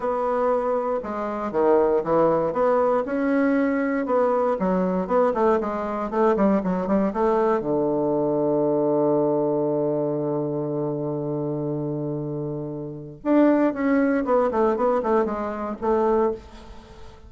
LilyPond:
\new Staff \with { instrumentName = "bassoon" } { \time 4/4 \tempo 4 = 118 b2 gis4 dis4 | e4 b4 cis'2 | b4 fis4 b8 a8 gis4 | a8 g8 fis8 g8 a4 d4~ |
d1~ | d1~ | d2 d'4 cis'4 | b8 a8 b8 a8 gis4 a4 | }